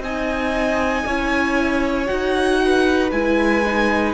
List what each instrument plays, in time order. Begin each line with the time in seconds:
0.00 cello C4, viola D#4, violin D#5 G#5
1.05 cello C#4, viola E4, violin C#5
2.06 cello D#4, viola F#4, violin F#5
2.64 violin B4
3.11 cello G#3, viola E4, violin G#5
3.65 viola D#4